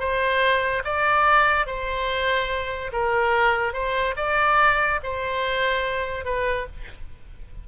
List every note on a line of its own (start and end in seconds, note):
0.00 0.83 C5
0.84 1.67 D5
1.67 2.92 C5
2.93 3.73 A#4
3.73 4.15 C5
4.17 5.00 D5
5.04 6.25 C5
6.25 6.67 B4